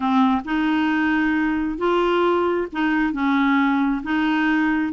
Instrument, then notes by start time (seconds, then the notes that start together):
clarinet
0.00 C4
0.45 D#4
1.77 F4
2.72 D#4
3.12 C#4
4.03 D#4